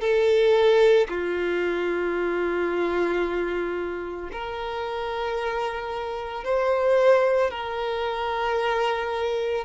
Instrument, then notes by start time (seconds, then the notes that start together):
violin
0.00 A4
1.09 F4
4.32 A#4
6.44 C5
7.50 A#4